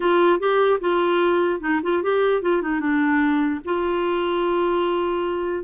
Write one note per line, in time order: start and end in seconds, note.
0.00 0.39 F4
0.39 0.79 G4
0.80 1.60 F4
1.60 1.80 D#4
1.82 2.03 F4
2.03 2.42 G4
2.42 2.62 F4
2.62 2.80 D#4
2.80 3.60 D4
3.64 5.64 F4